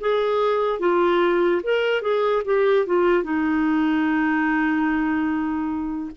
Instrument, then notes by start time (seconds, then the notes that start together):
clarinet
0.00 G#4
0.79 F4
1.63 A#4
2.01 G#4
2.45 G4
2.86 F4
3.23 D#4